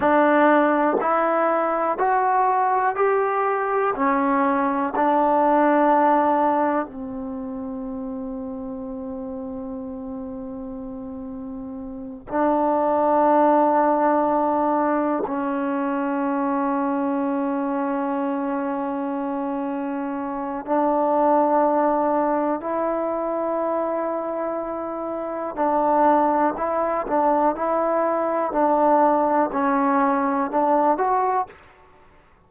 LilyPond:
\new Staff \with { instrumentName = "trombone" } { \time 4/4 \tempo 4 = 61 d'4 e'4 fis'4 g'4 | cis'4 d'2 c'4~ | c'1~ | c'8 d'2. cis'8~ |
cis'1~ | cis'4 d'2 e'4~ | e'2 d'4 e'8 d'8 | e'4 d'4 cis'4 d'8 fis'8 | }